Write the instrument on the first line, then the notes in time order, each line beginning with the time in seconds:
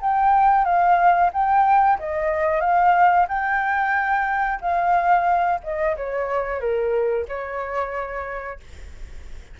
flute
0.00 G5
0.64 F5
1.32 G5
1.98 D#5
2.60 F5
3.28 G5
4.61 F5
5.63 D#5
5.96 C#5
6.60 A#4
7.28 C#5